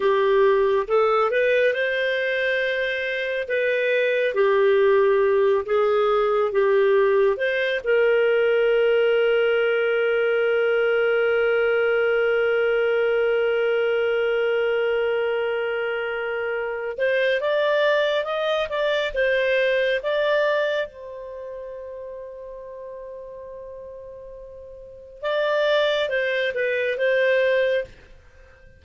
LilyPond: \new Staff \with { instrumentName = "clarinet" } { \time 4/4 \tempo 4 = 69 g'4 a'8 b'8 c''2 | b'4 g'4. gis'4 g'8~ | g'8 c''8 ais'2.~ | ais'1~ |
ais'2.~ ais'8 c''8 | d''4 dis''8 d''8 c''4 d''4 | c''1~ | c''4 d''4 c''8 b'8 c''4 | }